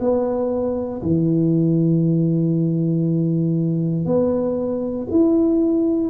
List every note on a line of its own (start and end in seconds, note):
0.00 1.02 B3
1.02 4.05 E3
4.05 5.07 B3
5.11 6.10 E4